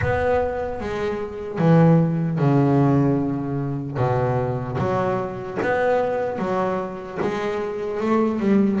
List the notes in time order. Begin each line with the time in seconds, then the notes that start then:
0.01 B3
0.80 G#3
1.58 E3
2.38 C#3
3.97 B2
4.78 F#3
5.62 B3
6.38 F#3
7.21 G#3
8.00 A3
8.39 G3